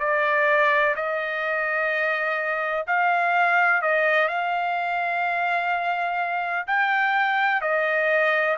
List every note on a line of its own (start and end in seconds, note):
0.00 0.95 D5
0.96 2.87 D#5
2.87 3.82 F5
3.82 4.29 D#5
4.29 6.67 F5
6.68 7.62 G5
7.62 8.57 D#5